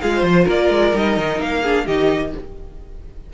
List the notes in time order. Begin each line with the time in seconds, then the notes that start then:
0.00 G#3 F4 G#4 F5
0.15 C5
0.22 F3 C5
0.44 A#3 A#4 D5
0.69 G#3
0.93 G3 D#4 D#5
1.17 D#3
1.39 A#3 F5
1.61 D4 G#4
1.85 D#3 D#4 G4 D#5